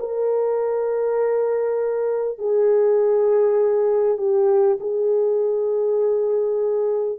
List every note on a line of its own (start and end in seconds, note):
0.00 2.39 A#4
2.39 4.18 G#4
4.18 4.78 G4
4.81 7.19 G#4